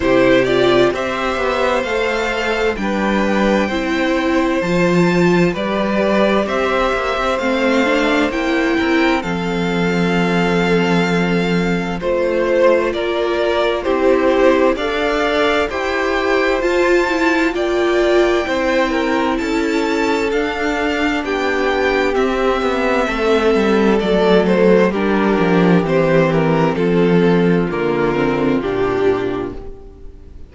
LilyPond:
<<
  \new Staff \with { instrumentName = "violin" } { \time 4/4 \tempo 4 = 65 c''8 d''8 e''4 f''4 g''4~ | g''4 a''4 d''4 e''4 | f''4 g''4 f''2~ | f''4 c''4 d''4 c''4 |
f''4 g''4 a''4 g''4~ | g''4 a''4 f''4 g''4 | e''2 d''8 c''8 ais'4 | c''8 ais'8 a'4 ais'4 g'4 | }
  \new Staff \with { instrumentName = "violin" } { \time 4/4 g'4 c''2 b'4 | c''2 b'4 c''4~ | c''4. ais'8 a'2~ | a'4 c''4 ais'4 g'4 |
d''4 c''2 d''4 | c''8 ais'8 a'2 g'4~ | g'4 a'2 g'4~ | g'4 f'2. | }
  \new Staff \with { instrumentName = "viola" } { \time 4/4 e'8 f'8 g'4 a'4 d'4 | e'4 f'4 g'2 | c'8 d'8 e'4 c'2~ | c'4 f'2 e'4 |
a'4 g'4 f'8 e'8 f'4 | e'2 d'2 | c'2 a4 d'4 | c'2 ais8 c'8 d'4 | }
  \new Staff \with { instrumentName = "cello" } { \time 4/4 c4 c'8 b8 a4 g4 | c'4 f4 g4 c'8 ais16 c'16 | a4 ais8 c'8 f2~ | f4 a4 ais4 c'4 |
d'4 e'4 f'4 ais4 | c'4 cis'4 d'4 b4 | c'8 b8 a8 g8 fis4 g8 f8 | e4 f4 d4 ais,4 | }
>>